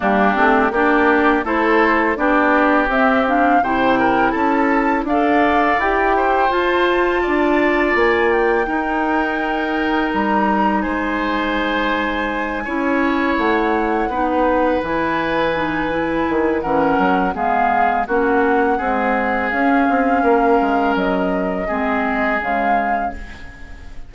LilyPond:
<<
  \new Staff \with { instrumentName = "flute" } { \time 4/4 \tempo 4 = 83 g'4 d''4 c''4 d''4 | e''8 f''8 g''4 a''4 f''4 | g''4 a''2 gis''8 g''8~ | g''2 ais''4 gis''4~ |
gis''2~ gis''8 fis''4.~ | fis''8 gis''2~ gis''8 fis''4 | f''4 fis''2 f''4~ | f''4 dis''2 f''4 | }
  \new Staff \with { instrumentName = "oboe" } { \time 4/4 d'4 g'4 a'4 g'4~ | g'4 c''8 ais'8 a'4 d''4~ | d''8 c''4. d''2 | ais'2. c''4~ |
c''4. cis''2 b'8~ | b'2. ais'4 | gis'4 fis'4 gis'2 | ais'2 gis'2 | }
  \new Staff \with { instrumentName = "clarinet" } { \time 4/4 ais8 c'8 d'4 e'4 d'4 | c'8 d'8 e'2 a'4 | g'4 f'2. | dis'1~ |
dis'4. e'2 dis'8~ | dis'8 e'4 dis'8 e'4 cis'4 | b4 cis'4 gis4 cis'4~ | cis'2 c'4 gis4 | }
  \new Staff \with { instrumentName = "bassoon" } { \time 4/4 g8 a8 ais4 a4 b4 | c'4 c4 cis'4 d'4 | e'4 f'4 d'4 ais4 | dis'2 g4 gis4~ |
gis4. cis'4 a4 b8~ | b8 e2 dis8 e8 fis8 | gis4 ais4 c'4 cis'8 c'8 | ais8 gis8 fis4 gis4 cis4 | }
>>